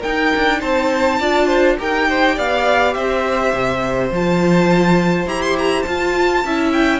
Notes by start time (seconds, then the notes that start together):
0.00 D#4 A#4 G5
0.35 D4
0.60 C4 C5 A5
1.19 D4 F4 D5
1.47 C5
1.78 D#4 G4 A#4 G5
2.08 C5
2.35 B3 D5 F5
2.93 C4 C5 E5
3.53 C3
4.11 F3 F4 A5
5.26 E4 G4 A#5
5.41 C6
5.58 A#5
5.82 F4 A5
6.44 C#4 E4 E5
6.72 G5